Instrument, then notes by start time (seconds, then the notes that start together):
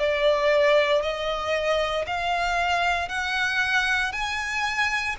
violin
0.00 D5
1.03 D#5
2.07 F5
3.09 F#5
4.12 G#5